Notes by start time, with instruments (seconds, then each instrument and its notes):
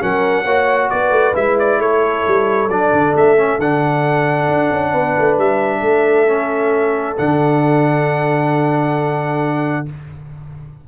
0.00 tuba F#3, trombone C#4, horn A#4, trumpet F#5
0.44 tuba A#3, trombone F#4, horn C#5
0.90 tuba B3, horn B4, trumpet D5
1.10 tuba A3
1.34 tuba G#3, trombone E4, trumpet E5
1.59 trumpet D5
1.78 tuba A3, horn A4, trumpet C#5
2.27 tuba G3
2.67 tuba F#3, trombone D4, trumpet D5
2.92 tuba D3
3.15 tuba A3, trumpet E5
3.37 trombone C#4
3.58 tuba D3, trombone D4, trumpet F#5
4.48 tuba D4
4.71 tuba C#4
4.91 tuba B3, horn B4
5.18 tuba A3
5.37 tuba G3, trumpet E5
5.80 tuba A3, horn A4
6.27 trombone C#4
7.17 tuba D3, trombone D4, trumpet F#5